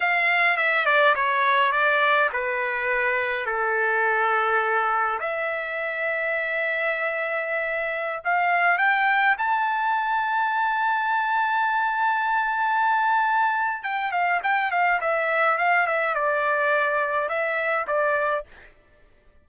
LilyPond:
\new Staff \with { instrumentName = "trumpet" } { \time 4/4 \tempo 4 = 104 f''4 e''8 d''8 cis''4 d''4 | b'2 a'2~ | a'4 e''2.~ | e''2~ e''16 f''4 g''8.~ |
g''16 a''2.~ a''8.~ | a''1 | g''8 f''8 g''8 f''8 e''4 f''8 e''8 | d''2 e''4 d''4 | }